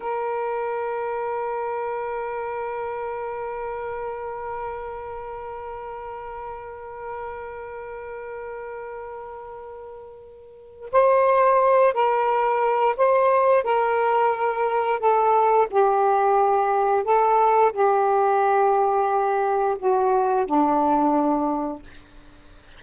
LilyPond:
\new Staff \with { instrumentName = "saxophone" } { \time 4/4 \tempo 4 = 88 ais'1~ | ais'1~ | ais'1~ | ais'1 |
c''4. ais'4. c''4 | ais'2 a'4 g'4~ | g'4 a'4 g'2~ | g'4 fis'4 d'2 | }